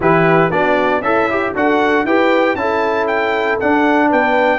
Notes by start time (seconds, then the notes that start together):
0.00 E3 E4 G4 B4
0.50 B3 D4 F#4 D5
1.00 C#4 E4 A4 E5
1.30 G4
1.55 D4 F#4 A4 F#5
2.04 E4 G4 B4 G5
2.54 C#4 E4 A4 A5
3.07 G5
3.60 D4 F#5
4.09 B3 B4 G5